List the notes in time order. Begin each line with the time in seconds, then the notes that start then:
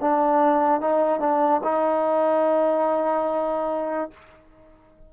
0.00 D4
0.80 D#4
1.20 D4
1.63 D#4